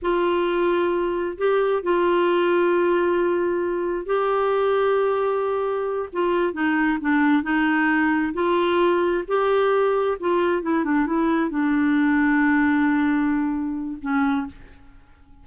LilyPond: \new Staff \with { instrumentName = "clarinet" } { \time 4/4 \tempo 4 = 133 f'2. g'4 | f'1~ | f'4 g'2.~ | g'4. f'4 dis'4 d'8~ |
d'8 dis'2 f'4.~ | f'8 g'2 f'4 e'8 | d'8 e'4 d'2~ d'8~ | d'2. cis'4 | }